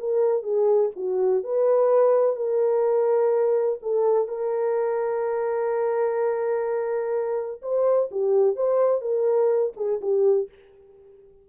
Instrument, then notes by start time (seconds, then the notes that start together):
horn
0.00 A#4
0.43 G#4
0.97 F#4
1.44 B4
2.37 A#4
3.82 A4
4.28 A#4
7.63 C5
8.12 G4
8.56 C5
9.02 A#4
9.77 G#4
10.02 G4